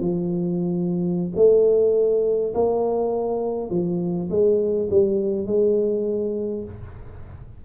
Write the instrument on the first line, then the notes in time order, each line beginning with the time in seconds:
tuba
0.00 F3
1.36 A3
2.55 A#3
3.70 F3
4.30 G#3
4.90 G3
5.47 G#3